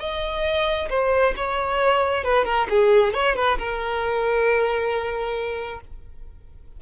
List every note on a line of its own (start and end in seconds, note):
0.00 0.89 D#5
0.90 1.34 C5
1.37 2.24 C#5
2.24 2.45 B4
2.45 2.67 A#4
2.70 3.14 G#4
3.14 3.36 C#5
3.36 3.58 B4
3.58 5.81 A#4